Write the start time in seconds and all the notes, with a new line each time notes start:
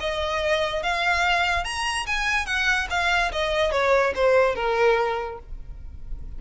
0.00 D#5
0.83 F5
1.64 A#5
2.07 G#5
2.46 F#5
2.90 F5
3.32 D#5
3.72 C#5
4.15 C5
4.55 A#4